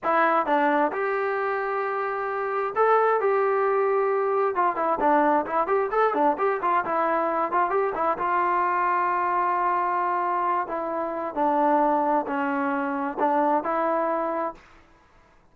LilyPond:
\new Staff \with { instrumentName = "trombone" } { \time 4/4 \tempo 4 = 132 e'4 d'4 g'2~ | g'2 a'4 g'4~ | g'2 f'8 e'8 d'4 | e'8 g'8 a'8 d'8 g'8 f'8 e'4~ |
e'8 f'8 g'8 e'8 f'2~ | f'2.~ f'8 e'8~ | e'4 d'2 cis'4~ | cis'4 d'4 e'2 | }